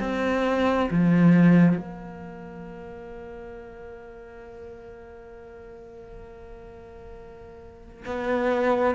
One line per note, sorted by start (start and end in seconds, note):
0.00 0.90 C4
0.91 1.77 F3
1.77 8.04 A#3
8.06 8.95 B3